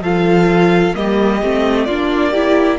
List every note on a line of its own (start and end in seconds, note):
0.00 0.92 F3
0.00 0.94 F4
0.00 0.95 A4
0.00 0.95 F5
0.94 1.42 G3
0.94 1.40 A#3
0.94 1.86 G4
0.94 1.85 D#5
1.42 1.88 A3
1.42 1.89 C4
1.85 2.79 A#3
1.85 2.34 D4
1.85 2.31 F4
1.85 2.77 D5
2.31 2.79 E4
2.31 2.77 G4